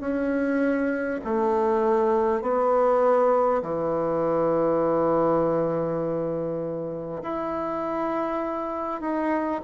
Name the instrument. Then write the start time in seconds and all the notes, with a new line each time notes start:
bassoon
0.00 C#4
1.24 A3
2.41 B3
3.62 E3
7.22 E4
9.01 D#4